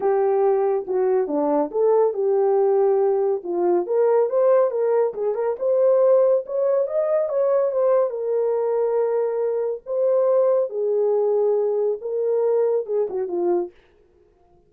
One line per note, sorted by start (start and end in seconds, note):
0.00 0.85 G4
0.87 1.27 F#4
1.27 1.70 D4
1.71 2.13 A4
2.13 3.42 G4
3.43 3.86 F4
3.86 4.29 A#4
4.29 4.70 C5
4.70 5.13 A#4
5.14 5.35 G#4
5.35 5.56 A#4
5.59 6.44 C5
6.46 6.87 C#5
6.87 7.28 D#5
7.28 7.71 C#5
7.71 8.09 C5
8.09 9.81 A#4
9.86 10.69 C5
10.69 11.98 G#4
12.01 12.86 A#4
12.86 13.07 G#4
13.09 13.27 F#4
13.27 13.70 F4